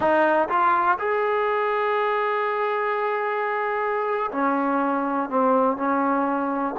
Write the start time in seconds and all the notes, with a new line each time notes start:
0.00 D#4
0.48 F4
0.99 G#4
4.31 C#4
5.29 C4
5.76 C#4